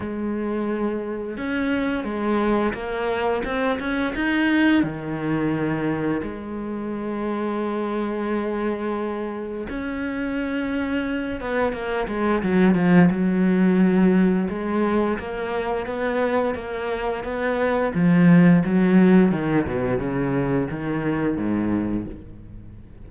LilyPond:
\new Staff \with { instrumentName = "cello" } { \time 4/4 \tempo 4 = 87 gis2 cis'4 gis4 | ais4 c'8 cis'8 dis'4 dis4~ | dis4 gis2.~ | gis2 cis'2~ |
cis'8 b8 ais8 gis8 fis8 f8 fis4~ | fis4 gis4 ais4 b4 | ais4 b4 f4 fis4 | dis8 b,8 cis4 dis4 gis,4 | }